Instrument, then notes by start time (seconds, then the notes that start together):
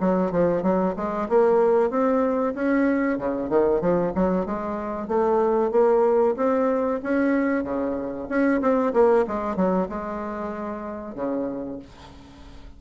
bassoon
0.00 F#3
0.31 F3
0.62 F#3
0.96 G#3
1.29 A#3
1.90 C4
2.54 C#4
3.18 C#3
3.49 D#3
3.81 F3
4.15 F#3
4.46 G#3
5.08 A3
5.71 A#3
6.36 C4
7.03 C#4
7.64 C#3
8.29 C#4
8.61 C4
8.93 A#3
9.27 G#3
9.56 F#3
9.89 G#3
11.15 C#3